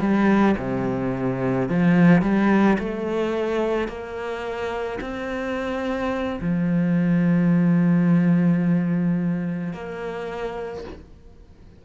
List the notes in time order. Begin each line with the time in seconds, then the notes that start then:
0.00 G3
0.58 C3
1.69 F3
2.22 G3
2.79 A3
3.88 A#3
5.01 C4
6.40 F3
9.73 A#3